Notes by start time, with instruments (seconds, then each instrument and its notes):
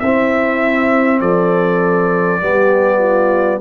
0.00 tuba C4, trombone C4, horn E4, trumpet E5
1.21 tuba F3, horn A4, trumpet D5
2.41 tuba G3, trombone B3, horn G4
2.99 horn F4